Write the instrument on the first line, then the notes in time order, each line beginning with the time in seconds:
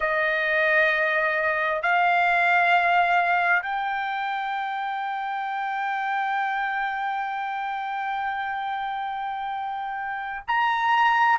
trumpet
0.00 D#5
1.82 F5
3.62 G5
10.48 A#5